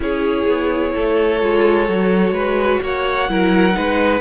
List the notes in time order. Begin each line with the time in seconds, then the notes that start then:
0.00 C#4 E4 G#4 C#5
0.46 B3
0.94 A3 A4
1.40 G#3 F4
1.88 F#3 F#4
2.31 G#3 B4
2.82 A#3 C#5 F#5
3.29 F#3 E4 A#4
3.72 G#3 D#4 B4